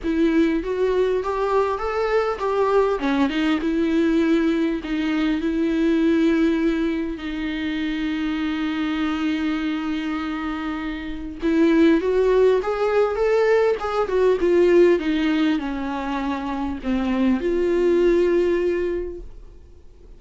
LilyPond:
\new Staff \with { instrumentName = "viola" } { \time 4/4 \tempo 4 = 100 e'4 fis'4 g'4 a'4 | g'4 cis'8 dis'8 e'2 | dis'4 e'2. | dis'1~ |
dis'2. e'4 | fis'4 gis'4 a'4 gis'8 fis'8 | f'4 dis'4 cis'2 | c'4 f'2. | }